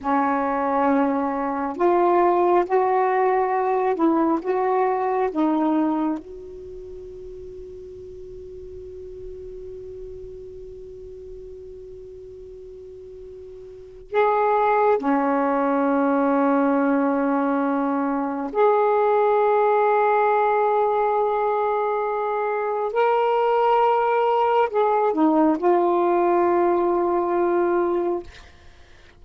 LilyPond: \new Staff \with { instrumentName = "saxophone" } { \time 4/4 \tempo 4 = 68 cis'2 f'4 fis'4~ | fis'8 e'8 fis'4 dis'4 fis'4~ | fis'1~ | fis'1 |
gis'4 cis'2.~ | cis'4 gis'2.~ | gis'2 ais'2 | gis'8 dis'8 f'2. | }